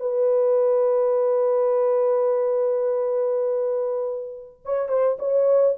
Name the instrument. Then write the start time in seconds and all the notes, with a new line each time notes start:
horn
0.00 B4
4.65 C#5
4.89 C5
5.19 C#5